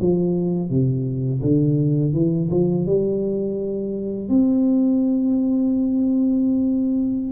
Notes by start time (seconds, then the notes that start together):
0.00 F3
0.69 C3
1.41 D3
2.13 E3
2.50 F3
2.86 G3
4.29 C4